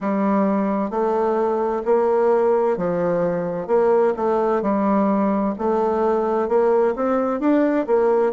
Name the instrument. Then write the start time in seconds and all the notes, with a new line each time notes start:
bassoon
0.00 G3
0.90 A3
1.85 A#3
2.77 F3
3.67 A#3
4.16 A3
4.62 G3
5.58 A3
6.48 A#3
6.95 C4
7.39 D4
7.86 A#3